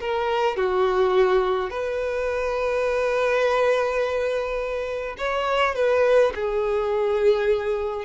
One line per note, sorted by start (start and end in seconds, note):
0.00 0.56 A#4
0.56 1.70 F#4
1.70 5.16 B4
5.17 5.75 C#5
5.75 6.33 B4
6.35 8.05 G#4